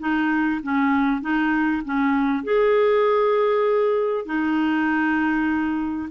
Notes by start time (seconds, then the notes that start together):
0.00 D#4
0.63 C#4
1.22 D#4
1.85 C#4
2.44 G#4
4.26 D#4